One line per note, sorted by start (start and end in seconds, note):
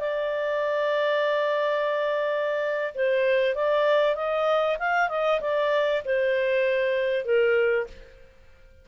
0.00 2.94 D5
2.94 3.55 C5
3.55 4.15 D5
4.15 4.77 D#5
4.79 5.09 F5
5.09 5.40 D#5
5.41 6.03 D5
6.05 7.25 C5
7.25 7.87 A#4